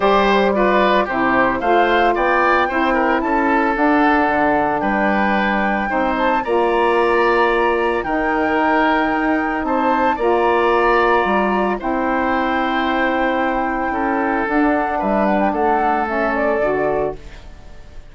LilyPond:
<<
  \new Staff \with { instrumentName = "flute" } { \time 4/4 \tempo 4 = 112 d''8 c''8 d''4 c''4 f''4 | g''2 a''4 fis''4~ | fis''4 g''2~ g''8 a''8 | ais''2. g''4~ |
g''2 a''4 ais''4~ | ais''2 g''2~ | g''2. fis''4 | e''8 fis''16 g''16 fis''4 e''8 d''4. | }
  \new Staff \with { instrumentName = "oboe" } { \time 4/4 c''4 b'4 g'4 c''4 | d''4 c''8 ais'8 a'2~ | a'4 b'2 c''4 | d''2. ais'4~ |
ais'2 c''4 d''4~ | d''2 c''2~ | c''2 a'2 | b'4 a'2. | }
  \new Staff \with { instrumentName = "saxophone" } { \time 4/4 g'4 f'4 e'4 f'4~ | f'4 e'2 d'4~ | d'2. dis'4 | f'2. dis'4~ |
dis'2. f'4~ | f'2 e'2~ | e'2. d'4~ | d'2 cis'4 fis'4 | }
  \new Staff \with { instrumentName = "bassoon" } { \time 4/4 g2 c4 a4 | b4 c'4 cis'4 d'4 | d4 g2 c'4 | ais2. dis4~ |
dis4 dis'4 c'4 ais4~ | ais4 g4 c'2~ | c'2 cis'4 d'4 | g4 a2 d4 | }
>>